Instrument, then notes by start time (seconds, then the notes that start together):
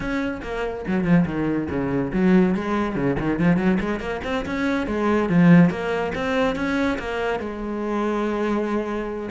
cello
0.00 C#4
0.42 A#3
0.87 F#3
1.04 F3
1.25 D#3
1.69 C#3
2.12 F#3
2.54 G#3
2.95 C#3
3.19 D#3
3.39 F3
3.56 F#3
3.80 G#3
3.99 A#3
4.23 C4
4.45 C#4
4.86 G#3
5.29 F3
5.70 A#3
6.15 C4
6.55 C#4
6.98 A#3
7.39 G#3